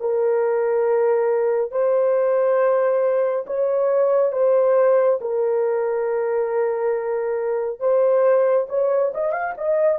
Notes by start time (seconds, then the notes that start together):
0.00 A#4
1.71 C5
3.46 C#5
4.32 C5
5.21 A#4
7.79 C5
8.69 C#5
9.14 D#5
9.32 F5
9.57 D#5